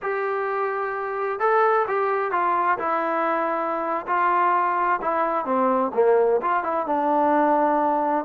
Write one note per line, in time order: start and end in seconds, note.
0.02 1.39 G4
1.39 1.86 A4
1.87 2.31 G4
2.31 2.78 F4
2.78 4.06 E4
4.07 5.00 F4
5.01 5.45 E4
5.45 5.91 C4
5.94 6.40 A#3
6.41 6.63 F4
6.63 6.86 E4
6.86 8.25 D4